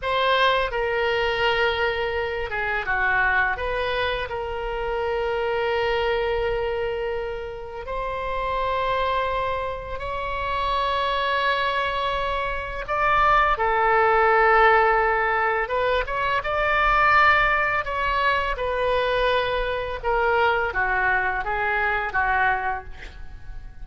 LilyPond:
\new Staff \with { instrumentName = "oboe" } { \time 4/4 \tempo 4 = 84 c''4 ais'2~ ais'8 gis'8 | fis'4 b'4 ais'2~ | ais'2. c''4~ | c''2 cis''2~ |
cis''2 d''4 a'4~ | a'2 b'8 cis''8 d''4~ | d''4 cis''4 b'2 | ais'4 fis'4 gis'4 fis'4 | }